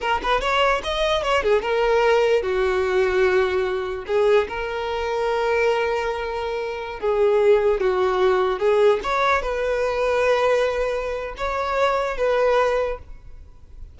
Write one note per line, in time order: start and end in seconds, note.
0.00 0.21 A#4
0.22 0.41 B4
0.41 0.81 C#5
0.83 1.23 D#5
1.23 1.43 C#5
1.43 1.61 G#4
1.61 2.42 A#4
2.42 4.04 F#4
4.07 4.47 G#4
4.48 7.00 A#4
7.00 7.80 G#4
7.80 8.59 F#4
8.59 8.99 G#4
9.03 9.42 C#5
9.42 11.34 B4
11.37 12.17 C#5
12.17 12.98 B4